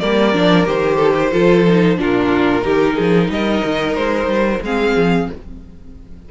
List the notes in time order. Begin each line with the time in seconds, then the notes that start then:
0.00 G3 A#3 A#4 D5
0.33 F3 D4
0.66 D#3 G4 C5
0.96 A4
1.14 G4
1.32 F3 F4 A4
1.68 D#4
1.97 A#2 D4 F4 A#4
2.61 D#3 D#4 G4
2.95 F3 G#4
3.29 G3 A#4 D#5
3.64 D#3
3.95 G#3 C5
4.26 G3
4.61 G#3 C4 G#4 F5
4.96 F3